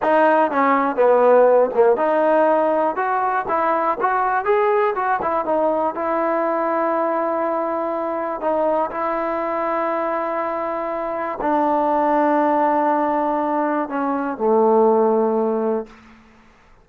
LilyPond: \new Staff \with { instrumentName = "trombone" } { \time 4/4 \tempo 4 = 121 dis'4 cis'4 b4. ais8 | dis'2 fis'4 e'4 | fis'4 gis'4 fis'8 e'8 dis'4 | e'1~ |
e'4 dis'4 e'2~ | e'2. d'4~ | d'1 | cis'4 a2. | }